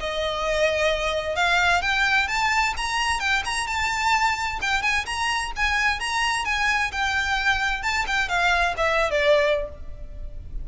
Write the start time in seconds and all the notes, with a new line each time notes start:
0.00 D#5
1.36 F5
1.82 G5
2.28 A5
2.77 A#5
3.20 G5
3.45 A#5
3.67 A5
4.61 G5
4.82 G#5
5.06 A#5
5.56 G#5
6.00 A#5
6.45 G#5
6.92 G5
7.83 A5
8.07 G5
8.28 F5
8.77 E5
9.10 D5